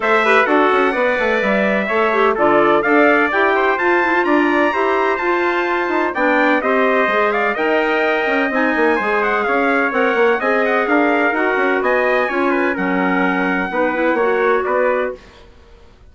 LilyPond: <<
  \new Staff \with { instrumentName = "trumpet" } { \time 4/4 \tempo 4 = 127 e''4 fis''2 e''4~ | e''4 d''4 f''4 g''4 | a''4 ais''2 a''4~ | a''4 g''4 dis''4. f''8 |
g''2 gis''4. fis''8 | f''4 fis''4 gis''8 fis''8 f''4 | fis''4 gis''2 fis''4~ | fis''2. d''4 | }
  \new Staff \with { instrumentName = "trumpet" } { \time 4/4 c''8 b'8 a'4 d''2 | cis''4 a'4 d''4. c''8~ | c''4 d''4 c''2~ | c''4 d''4 c''4. d''8 |
dis''2. c''4 | cis''2 dis''4 ais'4~ | ais'4 dis''4 cis''8 b'8 ais'4~ | ais'4 b'4 cis''4 b'4 | }
  \new Staff \with { instrumentName = "clarinet" } { \time 4/4 a'8 g'8 fis'4 b'2 | a'8 g'8 f'4 a'4 g'4 | f'8 e'16 f'4~ f'16 g'4 f'4~ | f'4 d'4 g'4 gis'4 |
ais'2 dis'4 gis'4~ | gis'4 ais'4 gis'2 | fis'2 f'4 cis'4~ | cis'4 dis'8 e'8 fis'2 | }
  \new Staff \with { instrumentName = "bassoon" } { \time 4/4 a4 d'8 cis'8 b8 a8 g4 | a4 d4 d'4 e'4 | f'4 d'4 e'4 f'4~ | f'8 dis'8 b4 c'4 gis4 |
dis'4. cis'8 c'8 ais8 gis4 | cis'4 c'8 ais8 c'4 d'4 | dis'8 cis'8 b4 cis'4 fis4~ | fis4 b4 ais4 b4 | }
>>